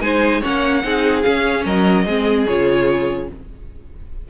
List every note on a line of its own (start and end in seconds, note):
0.00 0.41 G#3
0.00 0.41 D#4
0.00 0.41 C5
0.00 0.41 G#5
0.41 0.83 A#3
0.41 0.82 C#4
0.41 0.82 C#5
0.41 1.22 F#5
0.83 1.24 C4
0.83 1.24 D#4
0.83 1.65 G#4
1.22 2.06 C#4
1.22 1.65 C#4
1.22 1.63 F5
1.65 2.05 F#3
1.65 2.05 A#4
1.65 2.47 D#5
2.05 2.46 G#3
2.05 2.47 C4
2.05 3.28 G#4
2.47 3.30 C#3
2.47 3.30 F4
2.47 3.29 C#5